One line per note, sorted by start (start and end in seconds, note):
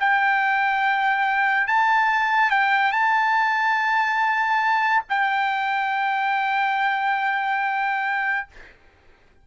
0.00 1.67 G5
1.67 2.50 A5
2.50 2.92 G5
2.92 5.03 A5
5.09 8.47 G5